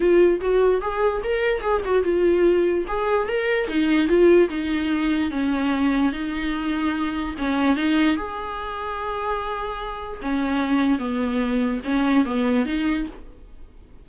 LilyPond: \new Staff \with { instrumentName = "viola" } { \time 4/4 \tempo 4 = 147 f'4 fis'4 gis'4 ais'4 | gis'8 fis'8 f'2 gis'4 | ais'4 dis'4 f'4 dis'4~ | dis'4 cis'2 dis'4~ |
dis'2 cis'4 dis'4 | gis'1~ | gis'4 cis'2 b4~ | b4 cis'4 b4 dis'4 | }